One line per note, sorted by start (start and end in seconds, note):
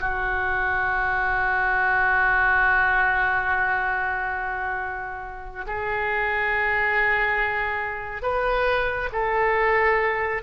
0.00 5.65 F#4
5.67 8.23 G#4
8.23 9.09 B4
9.12 10.43 A4